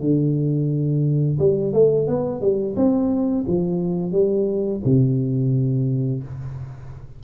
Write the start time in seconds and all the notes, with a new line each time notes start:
0.00 D3
1.39 G3
1.73 A3
2.07 B3
2.41 G3
2.76 C4
3.46 F3
4.12 G3
4.85 C3